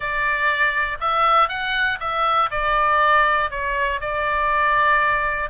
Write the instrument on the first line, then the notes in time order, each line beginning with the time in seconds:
oboe
0.00 D5
1.00 E5
1.48 F#5
2.00 E5
2.50 D5
3.50 C#5
4.00 D5